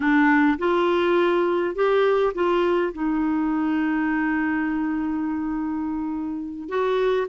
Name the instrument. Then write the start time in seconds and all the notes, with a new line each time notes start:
clarinet
0.00 D4
0.58 F4
1.75 G4
2.34 F4
2.92 D#4
6.68 F#4